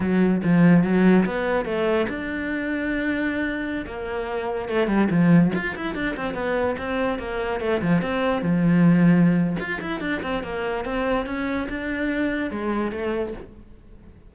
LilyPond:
\new Staff \with { instrumentName = "cello" } { \time 4/4 \tempo 4 = 144 fis4 f4 fis4 b4 | a4 d'2.~ | d'4~ d'16 ais2 a8 g16~ | g16 f4 f'8 e'8 d'8 c'8 b8.~ |
b16 c'4 ais4 a8 f8 c'8.~ | c'16 f2~ f8. f'8 e'8 | d'8 c'8 ais4 c'4 cis'4 | d'2 gis4 a4 | }